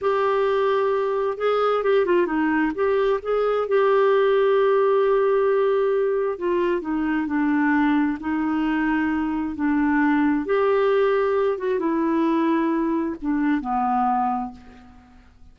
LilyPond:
\new Staff \with { instrumentName = "clarinet" } { \time 4/4 \tempo 4 = 132 g'2. gis'4 | g'8 f'8 dis'4 g'4 gis'4 | g'1~ | g'2 f'4 dis'4 |
d'2 dis'2~ | dis'4 d'2 g'4~ | g'4. fis'8 e'2~ | e'4 d'4 b2 | }